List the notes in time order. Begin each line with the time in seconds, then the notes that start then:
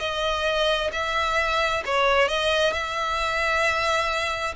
0.00 D#5
0.93 E5
1.86 C#5
2.29 D#5
2.73 E5